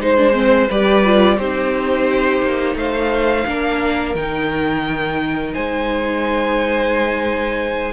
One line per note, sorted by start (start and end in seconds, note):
0.00 0.69 G#3
0.00 0.17 D#4
0.00 0.67 C5
0.00 0.71 C5
0.17 0.33 D4
0.33 0.68 C4
0.67 1.38 G3
0.67 1.05 G4
0.67 1.36 B4
0.67 1.39 D5
1.05 1.39 F4
1.38 2.41 C4
1.38 3.46 D#4
1.38 2.76 G4
1.38 2.77 C5
2.43 2.75 A#3
2.75 3.44 A3
2.75 3.47 C5
2.75 4.15 F5
3.46 4.15 A#3
3.46 4.15 D4
3.46 5.54 A#4
4.15 5.53 D#3
4.15 7.93 D#4
4.15 5.54 G5
5.54 7.93 G#3
5.54 7.93 C5
5.54 7.93 G#5